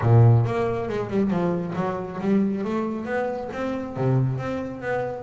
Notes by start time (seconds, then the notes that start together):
0.01 A#2
0.45 A#3
0.88 G#3
1.09 G3
1.30 F3
1.75 F#3
2.20 G3
2.64 A3
3.05 B3
3.52 C4
3.96 C3
4.37 C4
4.81 B3